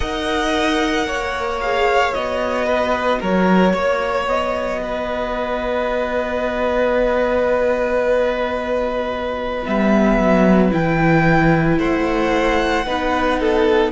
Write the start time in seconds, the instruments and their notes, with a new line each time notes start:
0.00 cello D#4, viola A#4, violin D#5 F#5
1.06 cello A#3, violin C#5
1.60 viola G#4, violin F5
2.13 cello B3, viola F#4, violin D#5
2.65 violin B4
3.19 cello F#3, violin A#4 C#5
3.72 cello A#3, violin C#5
4.27 cello B3, violin D#5
4.82 violin B4
9.64 cello G3, viola B3, violin E5
10.18 cello F#3
10.71 cello E3, viola E4, violin G5
11.78 cello A3, violin C5 F#5
12.85 cello B3, viola D#4, violin B4
13.40 violin A4